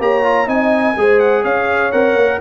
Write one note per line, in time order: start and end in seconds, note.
0.00 0.48 A#3
0.00 0.24 G4
0.00 0.47 C#5
0.00 0.49 A#5
0.24 0.47 F4
0.47 0.96 C4
0.47 0.95 D#4
0.47 0.96 D#5
0.47 1.20 G#5
0.97 1.45 G#3
0.97 1.93 G#4
0.97 1.43 C5
1.20 1.44 F#5
1.43 1.93 C#4
1.43 2.40 C#5
1.43 1.92 F5
1.92 2.15 C4
1.92 2.41 A#4
1.92 2.41 F#5
2.15 2.39 A#3